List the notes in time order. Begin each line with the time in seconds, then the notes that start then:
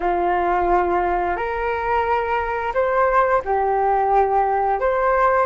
0.00 F4
1.36 A#4
2.74 C5
3.44 G4
4.79 C5